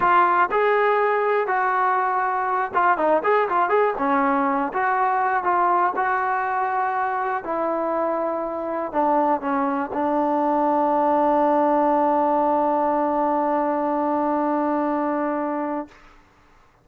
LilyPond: \new Staff \with { instrumentName = "trombone" } { \time 4/4 \tempo 4 = 121 f'4 gis'2 fis'4~ | fis'4. f'8 dis'8 gis'8 f'8 gis'8 | cis'4. fis'4. f'4 | fis'2. e'4~ |
e'2 d'4 cis'4 | d'1~ | d'1~ | d'1 | }